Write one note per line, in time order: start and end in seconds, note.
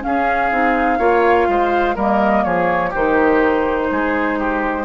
0.00 0.48 C#4
0.00 0.51 C#4
0.00 1.97 F5
0.06 0.99 G#4
0.51 0.99 C4
0.51 0.99 D#4
0.99 1.47 A#3
0.99 1.96 F4
0.99 1.47 C#5
1.48 1.96 G#3
1.48 1.95 C5
1.95 2.45 G3
1.95 2.93 A#3
1.95 2.44 A#4
1.95 2.44 D#5
2.44 2.93 F3
2.44 2.90 G#4
2.44 2.92 C#5
2.90 3.91 D#3
2.90 4.85 D#4
2.90 3.87 G4
2.90 4.85 C5
3.91 4.85 G#3
3.91 4.39 G#4
4.39 4.85 G4